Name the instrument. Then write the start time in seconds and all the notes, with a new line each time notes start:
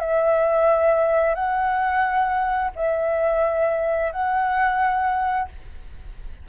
flute
0.00 E5
1.35 F#5
2.75 E5
4.12 F#5